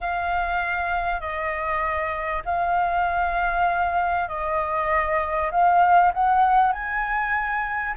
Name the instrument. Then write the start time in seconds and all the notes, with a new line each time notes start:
flute
0.01 F5
1.20 D#5
2.45 F5
4.28 D#5
5.51 F5
6.13 F#5
6.72 G#5